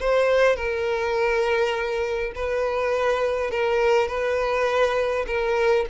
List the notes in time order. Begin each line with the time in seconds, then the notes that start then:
0.00 C5
0.56 A#4
2.35 B4
3.51 A#4
4.08 B4
5.27 A#4